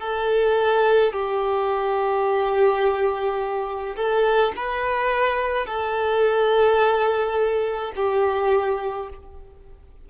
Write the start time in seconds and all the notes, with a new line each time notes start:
0.00 A4
1.13 G4
3.96 A4
4.56 B4
5.66 A4
7.96 G4